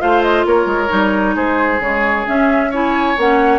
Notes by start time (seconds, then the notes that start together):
0.00 A3 F4 C5 F5
0.23 D#5
0.46 A#3 A#4 C#5
0.66 G#3
0.89 G3 D#4
1.36 G#3 G#4 C5
1.80 C#3 G#3 C#5
2.27 C#4 E5
2.71 E4 C#5 G#5
3.18 A#3 C#4 F#5